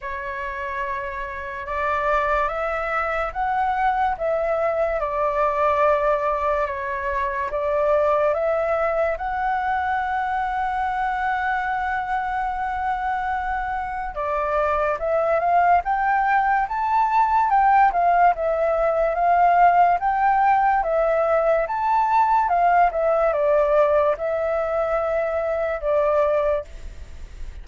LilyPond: \new Staff \with { instrumentName = "flute" } { \time 4/4 \tempo 4 = 72 cis''2 d''4 e''4 | fis''4 e''4 d''2 | cis''4 d''4 e''4 fis''4~ | fis''1~ |
fis''4 d''4 e''8 f''8 g''4 | a''4 g''8 f''8 e''4 f''4 | g''4 e''4 a''4 f''8 e''8 | d''4 e''2 d''4 | }